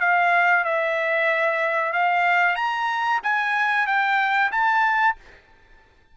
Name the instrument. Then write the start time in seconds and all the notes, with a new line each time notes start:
trumpet
0.00 F5
0.64 E5
1.93 F5
2.55 A#5
3.23 G#5
3.87 G5
4.51 A5